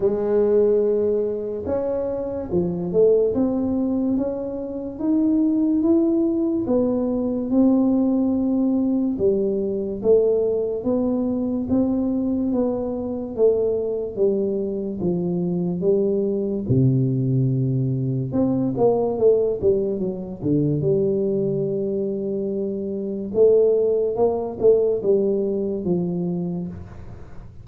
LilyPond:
\new Staff \with { instrumentName = "tuba" } { \time 4/4 \tempo 4 = 72 gis2 cis'4 f8 a8 | c'4 cis'4 dis'4 e'4 | b4 c'2 g4 | a4 b4 c'4 b4 |
a4 g4 f4 g4 | c2 c'8 ais8 a8 g8 | fis8 d8 g2. | a4 ais8 a8 g4 f4 | }